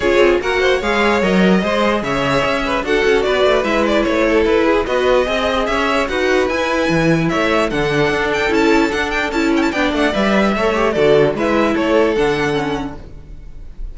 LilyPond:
<<
  \new Staff \with { instrumentName = "violin" } { \time 4/4 \tempo 4 = 148 cis''4 fis''4 f''4 dis''4~ | dis''4 e''2 fis''4 | d''4 e''8 d''8 cis''4 b'4 | dis''2 e''4 fis''4 |
gis''2 e''4 fis''4~ | fis''8 g''8 a''4 fis''8 g''8 a''8 g''16 a''16 | g''8 fis''8 e''2 d''4 | e''4 cis''4 fis''2 | }
  \new Staff \with { instrumentName = "violin" } { \time 4/4 gis'4 ais'8 c''8 cis''2 | c''4 cis''4. b'8 a'4 | b'2~ b'8 a'4 gis'8 | b'4 dis''4 cis''4 b'4~ |
b'2 cis''4 a'4~ | a'1 | d''2 cis''4 a'4 | b'4 a'2. | }
  \new Staff \with { instrumentName = "viola" } { \time 4/4 f'4 fis'4 gis'4 ais'4 | gis'2. fis'4~ | fis'4 e'2. | fis'4 gis'2 fis'4 |
e'2. d'4~ | d'4 e'4 d'4 e'4 | d'4 b'4 a'8 g'8 fis'4 | e'2 d'4 cis'4 | }
  \new Staff \with { instrumentName = "cello" } { \time 4/4 cis'8 c'8 ais4 gis4 fis4 | gis4 cis4 cis'4 d'8 cis'8 | b8 a8 gis4 a4 e'4 | b4 c'4 cis'4 dis'4 |
e'4 e4 a4 d4 | d'4 cis'4 d'4 cis'4 | b8 a8 g4 a4 d4 | gis4 a4 d2 | }
>>